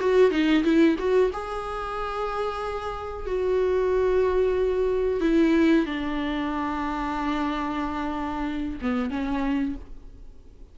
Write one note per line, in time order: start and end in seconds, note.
0.00 0.31 F#4
0.31 0.63 D#4
0.63 0.96 E4
0.98 1.31 F#4
1.33 3.26 G#4
3.26 5.20 F#4
5.20 5.85 E4
5.85 8.79 D4
8.81 9.10 B3
9.10 9.75 C#4